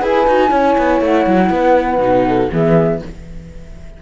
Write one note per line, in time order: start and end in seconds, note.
0.00 0.27 E4
0.00 0.25 G#4
0.00 0.49 B4
0.00 1.02 G#5
0.27 0.51 D#4
0.27 0.49 F#4
0.49 0.76 C#4
0.49 1.99 E4
0.49 1.49 C#5
0.78 1.01 B3
1.01 1.26 A3
1.01 2.52 F#5
1.26 1.50 F#3
1.50 1.98 B3
1.50 2.28 B4
1.98 2.48 B2
1.98 2.50 D#4
2.28 2.52 A4
2.52 3.02 E3
2.52 3.02 B3
2.52 3.02 G#4
2.52 3.02 E5